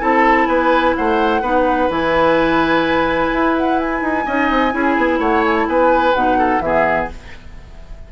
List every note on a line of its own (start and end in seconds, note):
0.00 0.47 C4
0.00 1.42 E4
0.00 0.48 A4
0.00 0.47 A5
0.47 0.95 B3
0.47 0.96 B4
0.47 0.94 G#5
0.96 1.42 A3
0.96 1.42 C5
0.96 1.90 F#5
1.42 1.89 B3
1.42 1.90 D#4
1.42 4.25 B4
1.90 3.31 E3
1.90 4.26 E4
1.90 3.57 G#5
3.32 4.01 E4
3.57 3.79 F#5
3.79 5.20 G#5
4.01 4.25 D#4
4.26 4.51 C#4
4.26 4.72 D#4
4.26 4.73 D#5
4.51 4.74 C4
4.72 4.97 C#4
4.72 6.13 E4
4.72 5.19 G#4
4.97 5.19 B3
5.19 5.66 A3
5.19 5.67 C#5
5.19 5.44 F#5
5.45 5.55 G#5
5.55 5.67 A5
5.68 6.14 B3
5.68 6.38 B4
5.68 6.14 G#5
6.14 6.60 B2
6.14 6.63 D#4
6.14 6.61 F#5
6.38 6.62 A4
6.60 7.07 E3
6.60 7.10 B3
6.60 7.12 G#4
6.60 7.08 E5